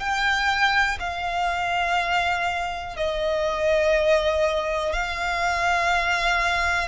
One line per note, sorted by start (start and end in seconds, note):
0.00 0.98 G5
1.00 2.96 F5
2.97 4.93 D#5
4.93 6.88 F5